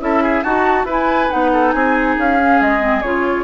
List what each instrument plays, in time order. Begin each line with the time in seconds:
0.00 bassoon C#4, clarinet E4, oboe A4, flute E5
0.23 oboe G#4
0.43 bassoon D#4, oboe F#4, clarinet F#4, flute A5
0.84 bassoon E4, clarinet E4, oboe B4
0.91 flute G#5
1.30 bassoon B3, clarinet D#4, flute F#5
1.53 oboe A4
1.71 bassoon C4, oboe G#4, flute G#5
2.17 bassoon C#4, flute F5
2.40 clarinet C#4
2.61 bassoon G#3, flute D#5
2.80 clarinet C4
3.02 bassoon C#3, clarinet F4, flute C#5